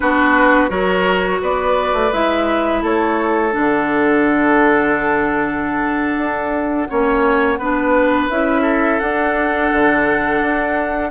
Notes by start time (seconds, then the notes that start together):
0.00 B3 D4 F#4 B4
0.69 F#3 F#4 A#4 C#5
1.41 B3 B4 D5
1.93 A3
2.12 G#3 E4 E5
2.82 A3 A4 C#5
3.51 D3 D4 F#5
6.17 D4
6.87 A#3 C#4 C#5
7.58 B3 D4 B4
8.29 C#4 E4 E5
8.61 A4
8.99 D4 F#5
9.72 D3
10.41 D4